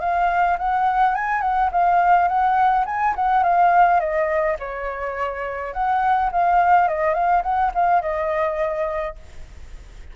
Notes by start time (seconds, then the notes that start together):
0.00 F5
0.58 F#5
1.15 G#5
1.42 F#5
1.72 F5
2.28 F#5
2.86 G#5
3.16 F#5
3.43 F5
4.00 D#5
4.59 C#5
5.73 F#5
6.32 F5
6.88 D#5
7.14 F5
7.43 F#5
7.75 F5
8.02 D#5